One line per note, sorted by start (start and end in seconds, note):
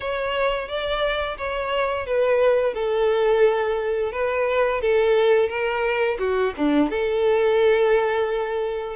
0.00 0.68 C#5
0.68 1.37 D5
1.37 2.06 C#5
2.06 2.74 B4
2.74 4.12 A4
4.12 4.81 B4
4.81 5.48 A4
5.48 6.17 A#4
6.18 6.53 F#4
6.56 6.90 D4
6.90 8.96 A4